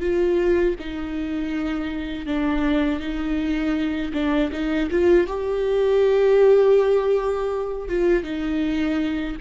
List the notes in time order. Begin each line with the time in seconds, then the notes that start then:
0.00 F4
0.79 D#4
2.26 D4
3.00 D#4
4.14 D4
4.52 D#4
4.91 F4
5.27 G4
7.89 F4
8.24 D#4